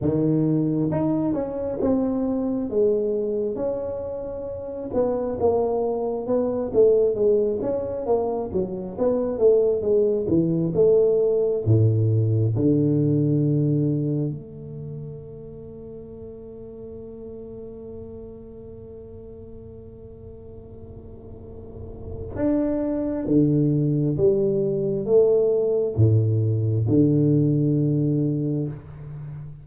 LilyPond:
\new Staff \with { instrumentName = "tuba" } { \time 4/4 \tempo 4 = 67 dis4 dis'8 cis'8 c'4 gis4 | cis'4. b8 ais4 b8 a8 | gis8 cis'8 ais8 fis8 b8 a8 gis8 e8 | a4 a,4 d2 |
a1~ | a1~ | a4 d'4 d4 g4 | a4 a,4 d2 | }